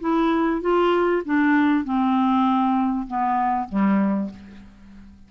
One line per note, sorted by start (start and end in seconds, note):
0.00 0.61 E4
0.61 1.22 F4
1.25 1.84 D4
1.84 3.07 C4
3.07 3.68 B3
3.68 4.30 G3